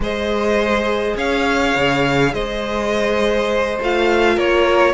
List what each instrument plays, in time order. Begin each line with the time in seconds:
0.00 cello G#3, viola G#4, violin C5 D#5
1.16 cello C#4, violin C#5 F5
1.75 cello C#3
2.33 cello G#3, violin C5 D#5
3.80 cello A3, viola F4, violin F5
4.35 cello A#3, violin A#4 C#5